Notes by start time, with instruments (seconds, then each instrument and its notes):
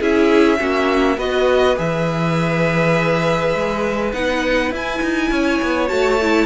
0.00 cello C#4, viola E4, violin G#4 E5
0.58 cello A#3, viola C#4, violin F#4
1.17 cello B3, viola F#4, violin B4 D#5
1.76 cello E3, viola G#4, violin E5
3.55 cello G#3
4.13 cello B3, viola D#4, violin F#5
4.71 cello E4, viola E4, violin G#5
5.02 cello D#4
5.31 cello C#4, violin C#5
5.62 cello B3
5.88 cello A3, viola F#4, violin A5
6.22 viola E4